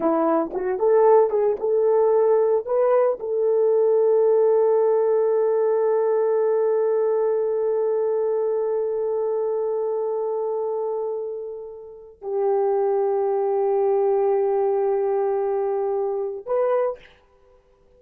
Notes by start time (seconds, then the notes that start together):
0.00 E4
0.53 F#4
0.78 A4
1.30 G#4
1.59 A4
2.65 B4
3.19 A4
12.21 G4
16.46 B4